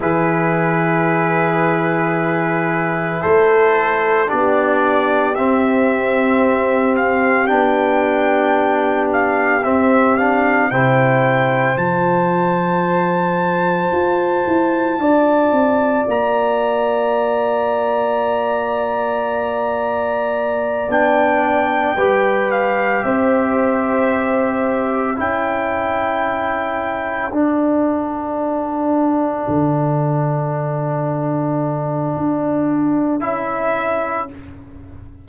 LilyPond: <<
  \new Staff \with { instrumentName = "trumpet" } { \time 4/4 \tempo 4 = 56 b'2. c''4 | d''4 e''4. f''8 g''4~ | g''8 f''8 e''8 f''8 g''4 a''4~ | a''2. ais''4~ |
ais''2.~ ais''8 g''8~ | g''4 f''8 e''2 g''8~ | g''4. fis''2~ fis''8~ | fis''2. e''4 | }
  \new Staff \with { instrumentName = "horn" } { \time 4/4 gis'2. a'4 | g'1~ | g'2 c''2~ | c''2 d''2~ |
d''1~ | d''8 b'4 c''2 a'8~ | a'1~ | a'1 | }
  \new Staff \with { instrumentName = "trombone" } { \time 4/4 e'1 | d'4 c'2 d'4~ | d'4 c'8 d'8 e'4 f'4~ | f'1~ |
f'2.~ f'8 d'8~ | d'8 g'2. e'8~ | e'4. d'2~ d'8~ | d'2. e'4 | }
  \new Staff \with { instrumentName = "tuba" } { \time 4/4 e2. a4 | b4 c'2 b4~ | b4 c'4 c4 f4~ | f4 f'8 e'8 d'8 c'8 ais4~ |
ais2.~ ais8 b8~ | b8 g4 c'2 cis'8~ | cis'4. d'2 d8~ | d2 d'4 cis'4 | }
>>